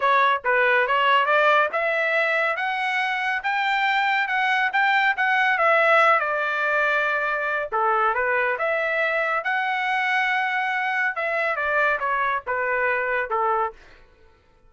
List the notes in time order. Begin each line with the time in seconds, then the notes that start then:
0.00 C#5
0.44 B4
0.87 C#5
1.25 D5
1.72 E5
2.56 F#5
3.43 G5
4.27 F#5
4.73 G5
5.16 F#5
5.58 E5
6.19 D5
7.72 A4
8.14 B4
8.58 E5
9.44 F#5
11.15 E5
11.56 D5
11.99 C#5
12.47 B4
13.30 A4